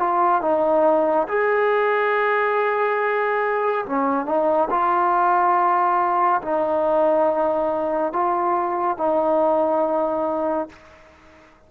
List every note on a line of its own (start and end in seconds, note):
0.00 0.42 F4
0.42 1.28 D#4
1.29 3.86 G#4
3.86 4.26 C#4
4.26 4.69 D#4
4.71 6.42 F4
6.42 8.13 D#4
8.13 8.98 F4
8.98 10.69 D#4